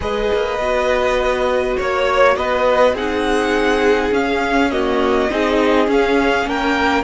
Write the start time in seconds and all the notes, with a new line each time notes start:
0.00 G#3 G#4 B4 D#5
0.32 A#3
0.58 B3 F#4
1.77 A#3 C#5
2.36 B3 B4 D#5
2.92 C4 D#4 G#4 F#5
4.11 C#4 F5
4.70 A#3 F#4 D#5
5.30 C4 D#4 G#4
5.86 C#4 F5
6.46 A#3 A#4 G5